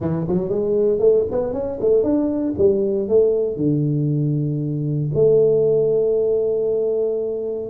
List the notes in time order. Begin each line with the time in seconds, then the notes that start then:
0.00 E3
0.28 F#3
0.49 G#3
0.99 A3
1.31 B3
1.53 C#4
1.80 A3
2.03 D4
2.57 G3
3.08 A3
3.56 D3
5.14 A3